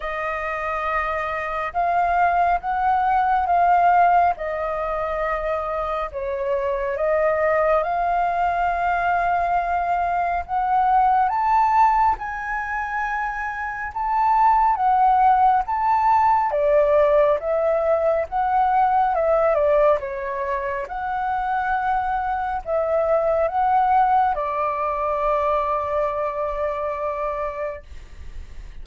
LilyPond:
\new Staff \with { instrumentName = "flute" } { \time 4/4 \tempo 4 = 69 dis''2 f''4 fis''4 | f''4 dis''2 cis''4 | dis''4 f''2. | fis''4 a''4 gis''2 |
a''4 fis''4 a''4 d''4 | e''4 fis''4 e''8 d''8 cis''4 | fis''2 e''4 fis''4 | d''1 | }